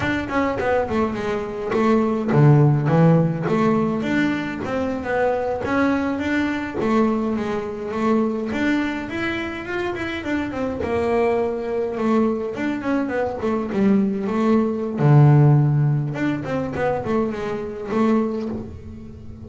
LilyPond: \new Staff \with { instrumentName = "double bass" } { \time 4/4 \tempo 4 = 104 d'8 cis'8 b8 a8 gis4 a4 | d4 e4 a4 d'4 | c'8. b4 cis'4 d'4 a16~ | a8. gis4 a4 d'4 e'16~ |
e'8. f'8 e'8 d'8 c'8 ais4~ ais16~ | ais8. a4 d'8 cis'8 b8 a8 g16~ | g8. a4~ a16 d2 | d'8 c'8 b8 a8 gis4 a4 | }